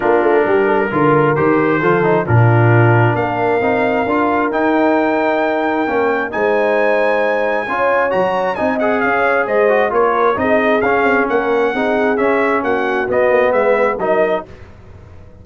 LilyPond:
<<
  \new Staff \with { instrumentName = "trumpet" } { \time 4/4 \tempo 4 = 133 ais'2. c''4~ | c''4 ais'2 f''4~ | f''2 g''2~ | g''2 gis''2~ |
gis''2 ais''4 gis''8 fis''8 | f''4 dis''4 cis''4 dis''4 | f''4 fis''2 e''4 | fis''4 dis''4 e''4 dis''4 | }
  \new Staff \with { instrumentName = "horn" } { \time 4/4 f'4 g'8 a'8 ais'2 | a'4 f'2 ais'4~ | ais'1~ | ais'2 c''2~ |
c''4 cis''2 dis''4 | cis''4 c''4 ais'4 gis'4~ | gis'4 ais'4 gis'2 | fis'2 b'4 ais'4 | }
  \new Staff \with { instrumentName = "trombone" } { \time 4/4 d'2 f'4 g'4 | f'8 dis'8 d'2. | dis'4 f'4 dis'2~ | dis'4 cis'4 dis'2~ |
dis'4 f'4 fis'4 dis'8 gis'8~ | gis'4. fis'8 f'4 dis'4 | cis'2 dis'4 cis'4~ | cis'4 b2 dis'4 | }
  \new Staff \with { instrumentName = "tuba" } { \time 4/4 ais8 a8 g4 d4 dis4 | f4 ais,2 ais4 | c'4 d'4 dis'2~ | dis'4 ais4 gis2~ |
gis4 cis'4 fis4 c'4 | cis'4 gis4 ais4 c'4 | cis'8 c'8 ais4 c'4 cis'4 | ais4 b8 ais8 gis4 fis4 | }
>>